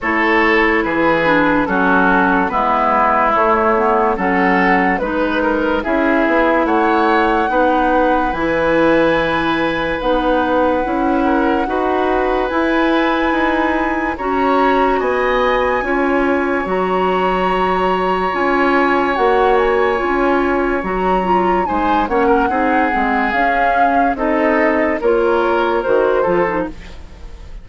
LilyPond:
<<
  \new Staff \with { instrumentName = "flute" } { \time 4/4 \tempo 4 = 72 cis''4 b'4 a'4 b'4 | cis''4 fis''4 b'4 e''4 | fis''2 gis''2 | fis''2. gis''4~ |
gis''4 ais''4 gis''2 | ais''2 gis''4 fis''8 gis''8~ | gis''4 ais''4 gis''8 fis''4. | f''4 dis''4 cis''4 c''4 | }
  \new Staff \with { instrumentName = "oboe" } { \time 4/4 a'4 gis'4 fis'4 e'4~ | e'4 a'4 b'8 ais'8 gis'4 | cis''4 b'2.~ | b'4. ais'8 b'2~ |
b'4 cis''4 dis''4 cis''4~ | cis''1~ | cis''2 c''8 cis''16 ais'16 gis'4~ | gis'4 a'4 ais'4. a'8 | }
  \new Staff \with { instrumentName = "clarinet" } { \time 4/4 e'4. d'8 cis'4 b4 | a8 b8 cis'4 dis'4 e'4~ | e'4 dis'4 e'2 | dis'4 e'4 fis'4 e'4~ |
e'4 fis'2 f'4 | fis'2 f'4 fis'4 | f'4 fis'8 f'8 dis'8 cis'8 dis'8 c'8 | cis'4 dis'4 f'4 fis'8 f'16 dis'16 | }
  \new Staff \with { instrumentName = "bassoon" } { \time 4/4 a4 e4 fis4 gis4 | a4 fis4 gis4 cis'8 b8 | a4 b4 e2 | b4 cis'4 dis'4 e'4 |
dis'4 cis'4 b4 cis'4 | fis2 cis'4 ais4 | cis'4 fis4 gis8 ais8 c'8 gis8 | cis'4 c'4 ais4 dis8 f8 | }
>>